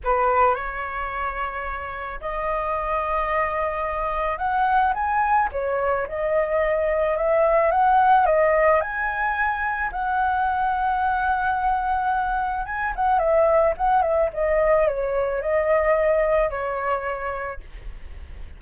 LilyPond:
\new Staff \with { instrumentName = "flute" } { \time 4/4 \tempo 4 = 109 b'4 cis''2. | dis''1 | fis''4 gis''4 cis''4 dis''4~ | dis''4 e''4 fis''4 dis''4 |
gis''2 fis''2~ | fis''2. gis''8 fis''8 | e''4 fis''8 e''8 dis''4 cis''4 | dis''2 cis''2 | }